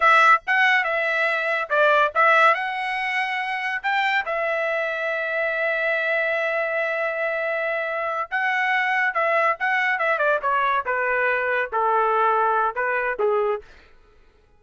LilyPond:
\new Staff \with { instrumentName = "trumpet" } { \time 4/4 \tempo 4 = 141 e''4 fis''4 e''2 | d''4 e''4 fis''2~ | fis''4 g''4 e''2~ | e''1~ |
e''2.~ e''8 fis''8~ | fis''4. e''4 fis''4 e''8 | d''8 cis''4 b'2 a'8~ | a'2 b'4 gis'4 | }